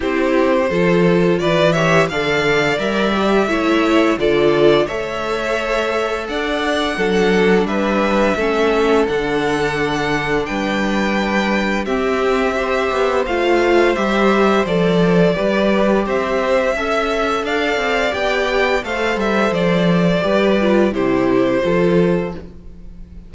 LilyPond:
<<
  \new Staff \with { instrumentName = "violin" } { \time 4/4 \tempo 4 = 86 c''2 d''8 e''8 f''4 | e''2 d''4 e''4~ | e''4 fis''2 e''4~ | e''4 fis''2 g''4~ |
g''4 e''2 f''4 | e''4 d''2 e''4~ | e''4 f''4 g''4 f''8 e''8 | d''2 c''2 | }
  \new Staff \with { instrumentName = "violin" } { \time 4/4 g'4 a'4 b'8 cis''8 d''4~ | d''4 cis''4 a'4 cis''4~ | cis''4 d''4 a'4 b'4 | a'2. b'4~ |
b'4 g'4 c''2~ | c''2 b'4 c''4 | e''4 d''2 c''4~ | c''4 b'4 g'4 a'4 | }
  \new Staff \with { instrumentName = "viola" } { \time 4/4 e'4 f'4. g'8 a'4 | ais'8 g'8 e'4 f'4 a'4~ | a'2 d'2 | cis'4 d'2.~ |
d'4 c'4 g'4 f'4 | g'4 a'4 g'2 | a'2 g'4 a'4~ | a'4 g'8 f'8 e'4 f'4 | }
  \new Staff \with { instrumentName = "cello" } { \time 4/4 c'4 f4 e4 d4 | g4 a4 d4 a4~ | a4 d'4 fis4 g4 | a4 d2 g4~ |
g4 c'4. b8 a4 | g4 f4 g4 c'4 | cis'4 d'8 c'8 b4 a8 g8 | f4 g4 c4 f4 | }
>>